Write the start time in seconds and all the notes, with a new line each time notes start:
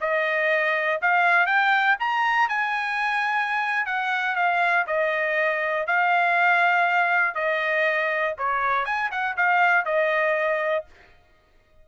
0.00 D#5
1.01 F5
1.46 G5
1.99 A#5
2.48 G#5
3.86 F#5
4.35 F5
4.87 D#5
5.86 F5
7.35 D#5
8.38 C#5
8.85 G#5
9.11 F#5
9.36 F5
9.85 D#5